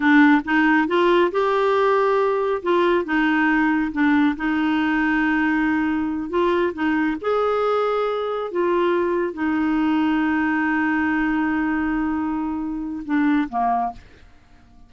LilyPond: \new Staff \with { instrumentName = "clarinet" } { \time 4/4 \tempo 4 = 138 d'4 dis'4 f'4 g'4~ | g'2 f'4 dis'4~ | dis'4 d'4 dis'2~ | dis'2~ dis'8 f'4 dis'8~ |
dis'8 gis'2. f'8~ | f'4. dis'2~ dis'8~ | dis'1~ | dis'2 d'4 ais4 | }